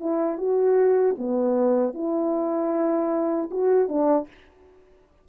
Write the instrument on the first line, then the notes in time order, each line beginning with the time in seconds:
horn
0.00 E4
0.38 F#4
1.18 B3
1.94 E4
3.51 F#4
3.88 D4